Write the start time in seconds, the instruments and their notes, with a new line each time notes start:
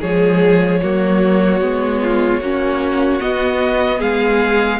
0.00 cello F3, viola G#3, violin G#4 C#5
0.82 cello F#3, viola A#3, violin F#4
1.60 cello G#3, viola B3
2.02 violin F4
2.40 cello A#3, viola C#4, violin F#4
3.20 viola B3, cello B3, violin D#5
3.99 cello G#3, violin G#4 F5